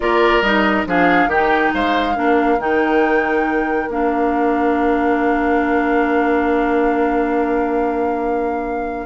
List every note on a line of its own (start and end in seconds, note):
0.00 0.41 A#3
0.00 0.43 F4
0.00 0.88 A#4
0.00 0.42 D5
0.41 0.84 G3
0.41 0.86 D#4
0.41 0.85 D#5
0.86 1.27 F3
0.86 1.29 D4
0.86 1.29 G#4
0.86 1.30 F5
1.27 1.70 D#3
1.27 1.72 G4
1.27 1.73 G5
1.33 2.14 D#4
1.73 2.17 G#3
1.73 2.16 C5
1.73 2.60 F5
2.14 2.58 A#3
2.14 2.57 D4
2.14 9.05 A#4
2.58 3.88 D#3
2.58 3.89 D#4
2.58 3.90 G5
3.88 9.05 A#3
3.88 9.05 D4
3.88 9.05 F5